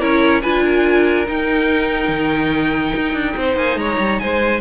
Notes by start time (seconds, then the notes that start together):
0.00 C#4 E4 A#4 C#5
0.42 D4 F4 B4 G#5
0.64 A#4
1.26 D#4 G5
2.09 D#3
2.96 D#4
3.14 D4
3.37 C4 C5
3.57 A#3 G#5
3.76 G#3 C#5 A#5
3.99 G3
4.19 G#3 C5 G#5